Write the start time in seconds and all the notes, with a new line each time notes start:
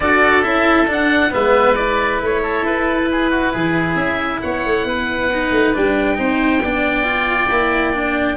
0.00 D4 F#4 A4 D5
0.42 C#4 E4 E5
0.86 D4 F#5
1.30 G#3 B3 B4 E5
1.75 E4 D5
2.22 A3 C#5
2.42 A4
2.62 E4 B4
3.11 G#4
3.30 F#4
3.52 E3 G#4
3.95 C#4 E5
4.42 B3 C#5 F#5
4.65 A3
4.84 B3 B4
5.32 D#4
5.51 A3
5.74 G3 D4 G5
6.15 C4 D#4 C5
6.62 B3 D4 D5
7.03 F4
7.49 A#3 E4
7.93 D4